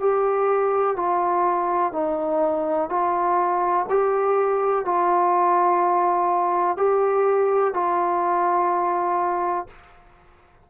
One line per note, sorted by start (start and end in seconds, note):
0.00 0.97 G4
0.97 1.93 F4
1.93 2.90 D#4
2.90 3.87 F4
3.90 4.86 G4
4.86 6.77 F4
6.77 7.74 G4
7.74 9.68 F4